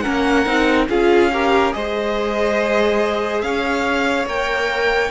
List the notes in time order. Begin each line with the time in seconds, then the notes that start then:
0.00 C#4 A#4 F#5
0.07 A#3
0.46 C4 D#4
0.89 C#4 F4 G#4 F5
1.33 G4 A#4
1.72 G#3 G#4 C5 D#5
3.41 C#4 C#5 F5
4.26 A#3 A#4 G5